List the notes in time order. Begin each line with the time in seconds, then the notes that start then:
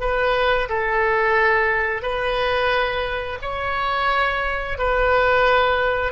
0.00 B4
0.69 A4
2.02 B4
3.42 C#5
4.78 B4